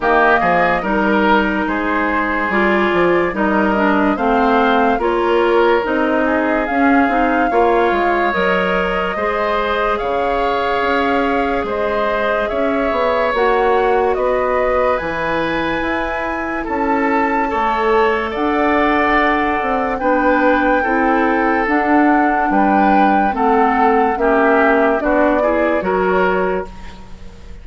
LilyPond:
<<
  \new Staff \with { instrumentName = "flute" } { \time 4/4 \tempo 4 = 72 dis''4 ais'4 c''4 d''4 | dis''4 f''4 cis''4 dis''4 | f''2 dis''2 | f''2 dis''4 e''4 |
fis''4 dis''4 gis''2 | a''2 fis''2 | g''2 fis''4 g''4 | fis''4 e''4 d''4 cis''4 | }
  \new Staff \with { instrumentName = "oboe" } { \time 4/4 g'8 gis'8 ais'4 gis'2 | ais'4 c''4 ais'4. gis'8~ | gis'4 cis''2 c''4 | cis''2 c''4 cis''4~ |
cis''4 b'2. | a'4 cis''4 d''2 | b'4 a'2 b'4 | a'4 g'4 fis'8 gis'8 ais'4 | }
  \new Staff \with { instrumentName = "clarinet" } { \time 4/4 ais4 dis'2 f'4 | dis'8 d'8 c'4 f'4 dis'4 | cis'8 dis'8 f'4 ais'4 gis'4~ | gis'1 |
fis'2 e'2~ | e'4 a'2. | d'4 e'4 d'2 | c'4 cis'4 d'8 e'8 fis'4 | }
  \new Staff \with { instrumentName = "bassoon" } { \time 4/4 dis8 f8 g4 gis4 g8 f8 | g4 a4 ais4 c'4 | cis'8 c'8 ais8 gis8 fis4 gis4 | cis4 cis'4 gis4 cis'8 b8 |
ais4 b4 e4 e'4 | cis'4 a4 d'4. c'8 | b4 c'4 d'4 g4 | a4 ais4 b4 fis4 | }
>>